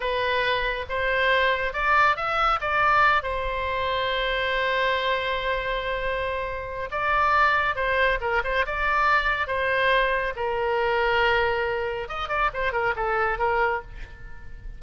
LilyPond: \new Staff \with { instrumentName = "oboe" } { \time 4/4 \tempo 4 = 139 b'2 c''2 | d''4 e''4 d''4. c''8~ | c''1~ | c''1 |
d''2 c''4 ais'8 c''8 | d''2 c''2 | ais'1 | dis''8 d''8 c''8 ais'8 a'4 ais'4 | }